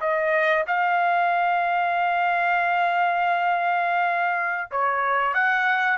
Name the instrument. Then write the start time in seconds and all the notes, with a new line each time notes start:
trumpet
0.00 D#5
0.67 F5
4.71 C#5
5.34 F#5